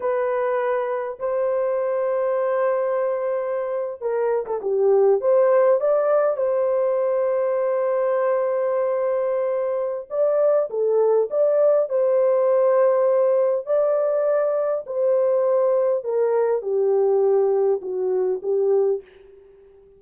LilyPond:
\new Staff \with { instrumentName = "horn" } { \time 4/4 \tempo 4 = 101 b'2 c''2~ | c''2~ c''8. ais'8. a'16 g'16~ | g'8. c''4 d''4 c''4~ c''16~ | c''1~ |
c''4 d''4 a'4 d''4 | c''2. d''4~ | d''4 c''2 ais'4 | g'2 fis'4 g'4 | }